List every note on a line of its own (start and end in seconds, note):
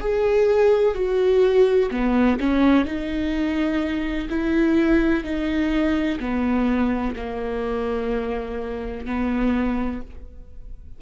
0.00 0.94 G#4
0.94 1.90 F#4
1.91 2.39 B3
2.39 2.85 C#4
2.85 4.28 D#4
4.29 5.24 E4
5.24 6.19 D#4
6.20 7.15 B3
7.16 9.06 A#3
9.06 10.01 B3